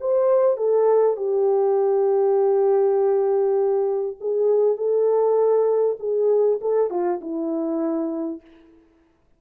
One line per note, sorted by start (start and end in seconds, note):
0.00 0.57 C5
0.57 1.17 A4
1.17 4.17 G4
4.20 4.77 G#4
4.77 5.97 A4
5.99 6.59 G#4
6.61 6.90 A4
6.90 7.20 F4
7.21 8.41 E4